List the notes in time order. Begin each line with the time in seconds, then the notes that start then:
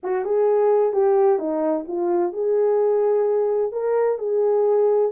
0.03 F#4
0.24 G#4
0.92 G4
1.38 D#4
1.87 F4
2.33 G#4
3.71 A#4
4.18 G#4